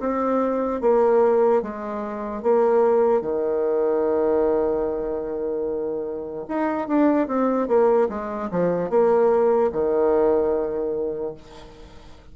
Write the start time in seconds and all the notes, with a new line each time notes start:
0.00 C4
0.81 A#3
1.62 G#3
2.43 A#3
3.21 D#3
6.48 D#4
6.88 D4
7.27 C4
7.68 A#3
8.09 G#3
8.51 F3
8.90 A#3
9.72 D#3